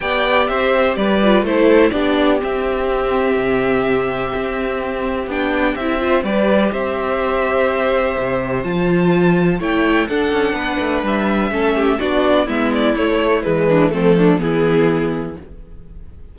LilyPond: <<
  \new Staff \with { instrumentName = "violin" } { \time 4/4 \tempo 4 = 125 g''4 e''4 d''4 c''4 | d''4 e''2.~ | e''2. g''4 | e''4 d''4 e''2~ |
e''2 a''2 | g''4 fis''2 e''4~ | e''4 d''4 e''8 d''8 cis''4 | b'4 a'4 gis'2 | }
  \new Staff \with { instrumentName = "violin" } { \time 4/4 d''4 c''4 b'4 a'4 | g'1~ | g'1~ | g'8 c''8 b'4 c''2~ |
c''1 | cis''4 a'4 b'2 | a'8 g'8 fis'4 e'2~ | e'8 d'8 c'8 d'8 e'2 | }
  \new Staff \with { instrumentName = "viola" } { \time 4/4 g'2~ g'8 f'8 e'4 | d'4 c'2.~ | c'2. d'4 | e'8 f'8 g'2.~ |
g'2 f'2 | e'4 d'2. | cis'4 d'4 b4 a4 | gis4 a4 b2 | }
  \new Staff \with { instrumentName = "cello" } { \time 4/4 b4 c'4 g4 a4 | b4 c'2 c4~ | c4 c'2 b4 | c'4 g4 c'2~ |
c'4 c4 f2 | a4 d'8 cis'8 b8 a8 g4 | a4 b4 gis4 a4 | e4 f4 e2 | }
>>